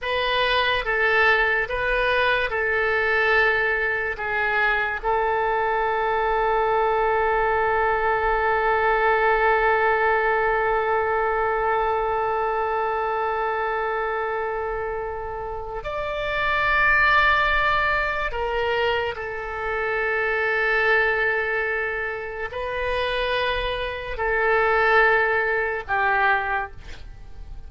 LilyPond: \new Staff \with { instrumentName = "oboe" } { \time 4/4 \tempo 4 = 72 b'4 a'4 b'4 a'4~ | a'4 gis'4 a'2~ | a'1~ | a'1~ |
a'2. d''4~ | d''2 ais'4 a'4~ | a'2. b'4~ | b'4 a'2 g'4 | }